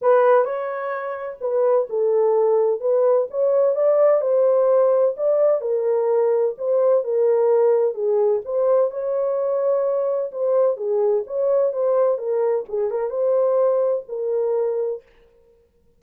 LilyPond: \new Staff \with { instrumentName = "horn" } { \time 4/4 \tempo 4 = 128 b'4 cis''2 b'4 | a'2 b'4 cis''4 | d''4 c''2 d''4 | ais'2 c''4 ais'4~ |
ais'4 gis'4 c''4 cis''4~ | cis''2 c''4 gis'4 | cis''4 c''4 ais'4 gis'8 ais'8 | c''2 ais'2 | }